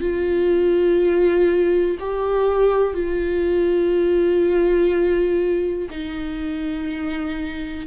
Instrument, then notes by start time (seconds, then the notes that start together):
viola
0.00 F4
1.99 G4
2.93 F4
5.89 D#4